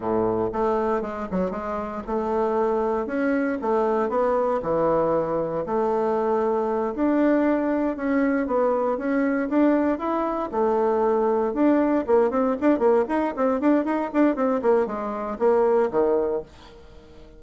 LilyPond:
\new Staff \with { instrumentName = "bassoon" } { \time 4/4 \tempo 4 = 117 a,4 a4 gis8 fis8 gis4 | a2 cis'4 a4 | b4 e2 a4~ | a4. d'2 cis'8~ |
cis'8 b4 cis'4 d'4 e'8~ | e'8 a2 d'4 ais8 | c'8 d'8 ais8 dis'8 c'8 d'8 dis'8 d'8 | c'8 ais8 gis4 ais4 dis4 | }